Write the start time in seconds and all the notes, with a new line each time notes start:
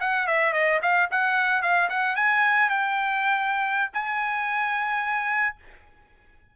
0.00 F#5
0.27 E5
0.53 D#5
0.82 F5
1.11 F#5
1.62 F5
1.89 F#5
2.15 G#5
2.69 G5
3.93 G#5